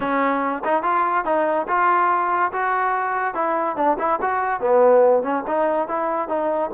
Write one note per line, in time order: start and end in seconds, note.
0.00 0.62 C#4
0.64 0.82 D#4
0.82 1.24 F4
1.24 1.66 D#4
1.68 2.52 F4
2.52 3.34 F#4
3.34 3.76 E4
3.76 3.97 D4
3.98 4.19 E4
4.21 4.60 F#4
4.60 5.22 B3
5.22 5.43 C#4
5.47 5.88 D#4
5.88 6.28 E4
6.28 6.70 D#4